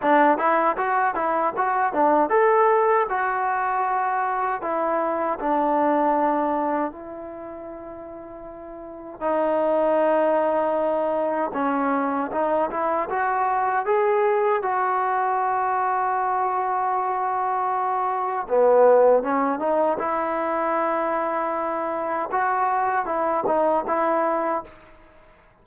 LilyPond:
\new Staff \with { instrumentName = "trombone" } { \time 4/4 \tempo 4 = 78 d'8 e'8 fis'8 e'8 fis'8 d'8 a'4 | fis'2 e'4 d'4~ | d'4 e'2. | dis'2. cis'4 |
dis'8 e'8 fis'4 gis'4 fis'4~ | fis'1 | b4 cis'8 dis'8 e'2~ | e'4 fis'4 e'8 dis'8 e'4 | }